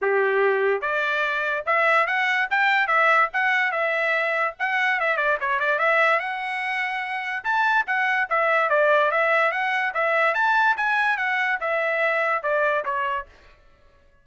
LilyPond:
\new Staff \with { instrumentName = "trumpet" } { \time 4/4 \tempo 4 = 145 g'2 d''2 | e''4 fis''4 g''4 e''4 | fis''4 e''2 fis''4 | e''8 d''8 cis''8 d''8 e''4 fis''4~ |
fis''2 a''4 fis''4 | e''4 d''4 e''4 fis''4 | e''4 a''4 gis''4 fis''4 | e''2 d''4 cis''4 | }